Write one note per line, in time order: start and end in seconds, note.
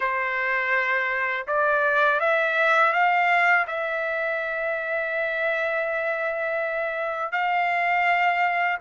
0.00 1.46 C5
1.47 2.20 D5
2.20 2.92 E5
2.92 3.66 F5
3.67 7.31 E5
7.31 8.78 F5